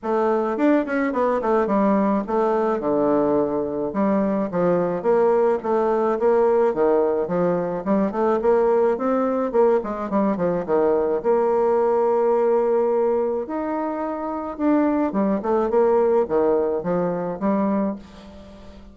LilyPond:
\new Staff \with { instrumentName = "bassoon" } { \time 4/4 \tempo 4 = 107 a4 d'8 cis'8 b8 a8 g4 | a4 d2 g4 | f4 ais4 a4 ais4 | dis4 f4 g8 a8 ais4 |
c'4 ais8 gis8 g8 f8 dis4 | ais1 | dis'2 d'4 g8 a8 | ais4 dis4 f4 g4 | }